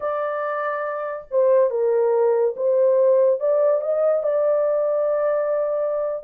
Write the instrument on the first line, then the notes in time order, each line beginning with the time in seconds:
horn
0.00 D5
1.30 C5
1.70 A#4
2.56 C5
3.40 D5
3.81 D#5
4.23 D5